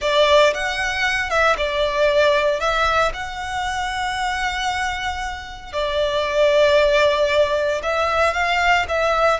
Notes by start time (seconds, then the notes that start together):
0.01 D5
0.54 F#5
1.29 E5
1.57 D5
2.59 E5
3.13 F#5
5.72 D5
7.83 E5
8.33 F5
8.88 E5